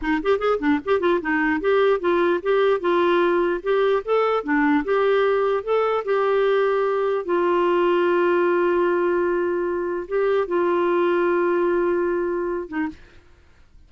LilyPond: \new Staff \with { instrumentName = "clarinet" } { \time 4/4 \tempo 4 = 149 dis'8 g'8 gis'8 d'8 g'8 f'8 dis'4 | g'4 f'4 g'4 f'4~ | f'4 g'4 a'4 d'4 | g'2 a'4 g'4~ |
g'2 f'2~ | f'1~ | f'4 g'4 f'2~ | f'2.~ f'8 dis'8 | }